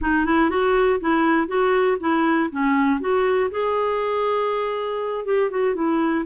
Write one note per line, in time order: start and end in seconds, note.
0.01 0.25 D#4
0.25 0.50 E4
0.50 1.00 F#4
1.00 1.47 E4
1.47 1.97 F#4
2.00 2.50 E4
2.51 3.00 C#4
3.00 3.50 F#4
3.50 5.25 G#4
5.25 5.50 G4
5.50 5.75 F#4
5.75 6.25 E4